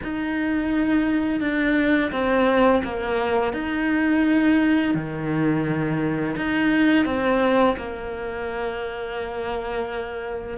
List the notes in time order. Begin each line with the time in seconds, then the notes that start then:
0.03 D#4
1.40 D4
2.11 C4
2.84 A#3
3.53 D#4
4.94 D#3
6.36 D#4
7.05 C4
7.77 A#3